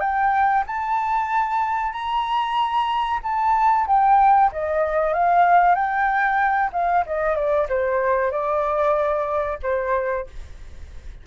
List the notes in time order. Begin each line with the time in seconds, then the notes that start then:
0.00 G5
0.67 A5
1.92 A#5
3.23 A5
3.87 G5
4.52 D#5
5.13 F5
5.75 G5
6.73 F5
7.06 D#5
7.35 D5
7.69 C5
8.31 D5
9.63 C5